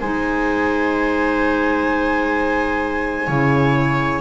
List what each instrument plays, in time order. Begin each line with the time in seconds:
0.00 double bass G#3, clarinet D#4, viola C5, flute G#5
3.28 double bass C#3, clarinet E4, viola C#5